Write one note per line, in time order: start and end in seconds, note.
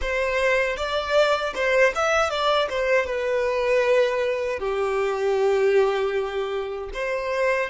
0.01 0.76 C5
0.76 1.53 D5
1.54 1.93 C5
1.95 2.29 E5
2.29 2.68 D5
2.69 3.06 C5
3.06 4.59 B4
4.59 6.90 G4
6.93 7.70 C5